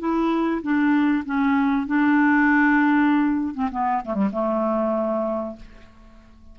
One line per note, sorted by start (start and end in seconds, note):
0.00 0.62 E4
0.62 1.24 D4
1.26 1.87 C#4
1.87 3.55 D4
3.55 3.70 C4
3.72 4.03 B3
4.05 4.15 A3
4.15 4.30 G3
4.33 5.56 A3